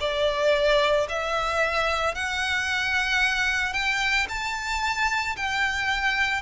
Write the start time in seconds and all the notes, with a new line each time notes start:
0.00 D5
1.09 E5
2.15 F#5
3.74 G5
4.29 A5
5.37 G5